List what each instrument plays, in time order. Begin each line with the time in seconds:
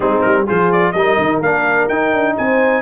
0.00 tuba G#3, trombone C4, horn D#4, trumpet G#4
0.21 tuba G3, trumpet A#4
0.45 tuba F3, trombone F4, horn G#4, trumpet C5
0.71 trumpet D5
0.92 tuba G3, trombone D#4, horn A#4, trumpet D#5
1.18 tuba D#3
1.40 tuba A#3, trombone D4, trumpet F5
1.88 tuba D#4, trombone D#4, trumpet G5
2.12 tuba D4
2.37 tuba C4, horn C5, trumpet G#5